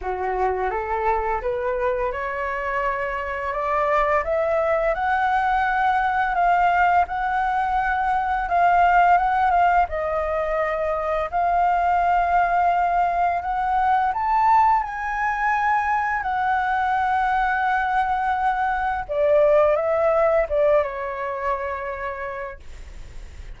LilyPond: \new Staff \with { instrumentName = "flute" } { \time 4/4 \tempo 4 = 85 fis'4 a'4 b'4 cis''4~ | cis''4 d''4 e''4 fis''4~ | fis''4 f''4 fis''2 | f''4 fis''8 f''8 dis''2 |
f''2. fis''4 | a''4 gis''2 fis''4~ | fis''2. d''4 | e''4 d''8 cis''2~ cis''8 | }